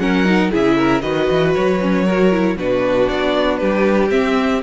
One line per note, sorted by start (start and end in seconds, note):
0.00 0.51 F#3
0.00 0.25 C#4
0.00 0.52 A#4
0.00 0.51 F#5
0.25 0.51 D#4
0.51 1.03 C#3
0.51 1.02 E4
0.51 0.77 G#4
0.51 1.01 E5
0.77 1.03 A#4
1.01 1.29 D#3
1.01 1.80 F#4
1.01 2.05 B4
1.01 1.53 D#5
1.31 1.56 E3
1.55 2.57 F#3
1.55 2.58 C#5
1.81 2.07 C#4
2.05 2.32 F#4
2.05 2.56 A#4
2.32 2.58 E4
2.57 3.08 B2
2.57 4.10 D4
2.57 3.60 F#4
2.57 3.10 B4
3.10 3.61 B3
3.10 3.57 D5
3.57 4.12 G3
3.57 4.63 G4
3.57 4.09 B4
4.10 4.61 C4
4.10 4.63 C4
4.10 4.62 E5